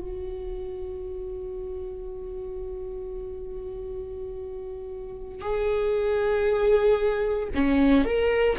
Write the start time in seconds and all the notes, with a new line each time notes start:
0.00 F#4
5.42 G#4
7.55 C#4
8.05 A#4